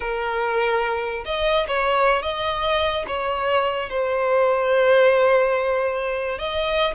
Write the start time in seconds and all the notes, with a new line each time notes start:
0.00 A#4
1.25 D#5
1.67 C#5
2.22 D#5
3.07 C#5
3.89 C5
6.38 D#5